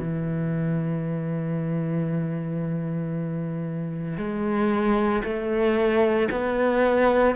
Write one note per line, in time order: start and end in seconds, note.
0.00 4.18 E3
4.18 5.23 G#3
5.24 6.29 A3
6.32 7.36 B3